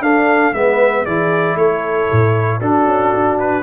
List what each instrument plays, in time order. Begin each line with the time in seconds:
0.00 tuba D4, trombone D4, horn A4, trumpet F5
0.53 tuba G#3, trombone B3, horn B4, trumpet E5
1.05 tuba E3, trombone E4, horn G#4, trumpet D5
1.55 tuba A3, horn A4, trumpet C#5
2.11 tuba A2
2.60 tuba D4, trombone D4, horn F#4, trumpet A4
2.85 tuba C#4
3.14 tuba D4
3.39 trumpet B4